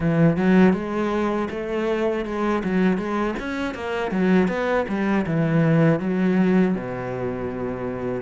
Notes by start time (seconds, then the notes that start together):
0.00 E3
0.36 F#3
0.73 G#3
1.50 A3
2.25 G#3
2.64 F#3
2.97 G#3
3.39 C#4
3.74 A#3
4.10 F#3
4.48 B3
4.88 G3
5.26 E3
5.99 F#3
6.75 B2